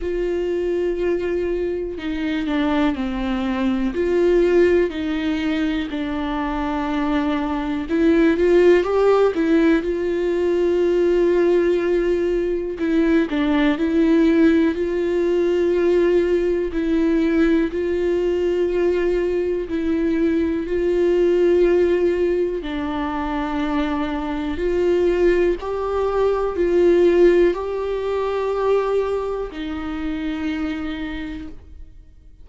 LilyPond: \new Staff \with { instrumentName = "viola" } { \time 4/4 \tempo 4 = 61 f'2 dis'8 d'8 c'4 | f'4 dis'4 d'2 | e'8 f'8 g'8 e'8 f'2~ | f'4 e'8 d'8 e'4 f'4~ |
f'4 e'4 f'2 | e'4 f'2 d'4~ | d'4 f'4 g'4 f'4 | g'2 dis'2 | }